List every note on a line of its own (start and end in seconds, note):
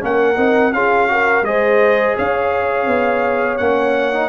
0.00 0.37 A#3
0.00 0.36 C#4
0.00 0.74 A#4
0.00 0.73 F#5
0.36 0.73 C4
0.36 0.72 D#4
0.73 1.42 C#4
0.73 1.08 F4
0.73 1.10 G#4
0.73 1.44 F5
1.08 1.44 F#4
1.08 1.47 A#4
1.42 2.14 G#3
1.42 3.59 G#4
1.42 2.17 C5
1.42 2.16 D#5
2.17 2.87 C#4
2.17 4.29 C#5
2.17 3.58 F5
2.87 3.58 B3
3.58 4.29 A#3
3.58 4.13 C#4
3.58 4.29 F#5
4.13 4.29 D#4